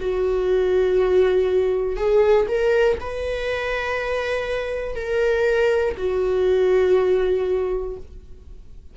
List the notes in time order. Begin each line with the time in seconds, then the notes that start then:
0.00 F#4
1.97 G#4
2.48 A#4
3.00 B4
4.95 A#4
5.97 F#4